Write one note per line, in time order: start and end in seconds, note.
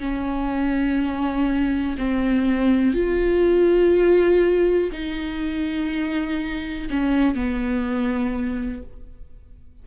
0.00 1.97 C#4
1.98 2.94 C4
2.94 4.91 F4
4.92 6.89 D#4
6.90 7.35 C#4
7.35 8.83 B3